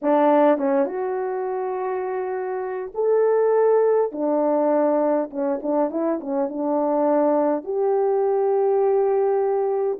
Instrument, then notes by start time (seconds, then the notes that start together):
horn
0.02 D4
0.57 C#4
0.85 F#4
2.94 A4
4.12 D4
5.30 C#4
5.62 D4
5.90 E4
6.20 C#4
6.48 D4
7.64 G4